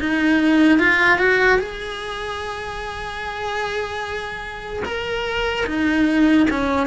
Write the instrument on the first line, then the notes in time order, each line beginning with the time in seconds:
cello
0.00 D#4
0.79 F4
1.19 F#4
1.59 G#4
4.85 A#4
5.66 D#4
6.50 C#4